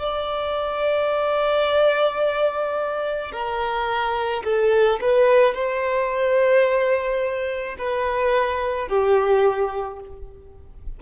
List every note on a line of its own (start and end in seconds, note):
0.00 3.33 D5
3.33 4.44 A#4
4.44 5.00 A4
5.02 5.55 B4
5.55 7.77 C5
7.79 8.89 B4
8.89 10.00 G4